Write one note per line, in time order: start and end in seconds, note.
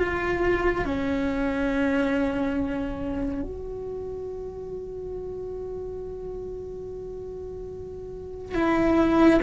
0.00 0.85 F4
0.85 3.42 C#4
3.42 8.54 F#4
8.54 9.40 E4